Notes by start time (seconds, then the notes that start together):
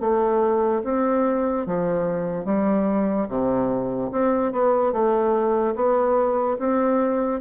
0.00 A3
0.84 C4
1.66 F3
2.45 G3
3.28 C3
4.12 C4
4.52 B3
4.92 A3
5.75 B3
6.59 C4